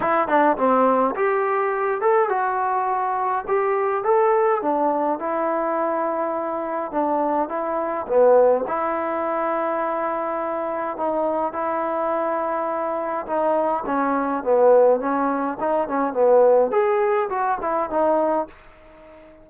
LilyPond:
\new Staff \with { instrumentName = "trombone" } { \time 4/4 \tempo 4 = 104 e'8 d'8 c'4 g'4. a'8 | fis'2 g'4 a'4 | d'4 e'2. | d'4 e'4 b4 e'4~ |
e'2. dis'4 | e'2. dis'4 | cis'4 b4 cis'4 dis'8 cis'8 | b4 gis'4 fis'8 e'8 dis'4 | }